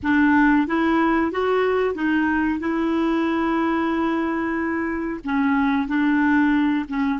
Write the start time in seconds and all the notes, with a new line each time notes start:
0.03 D4
0.67 E4
1.31 F#4
1.94 D#4
2.59 E4
5.24 C#4
5.87 D4
6.88 C#4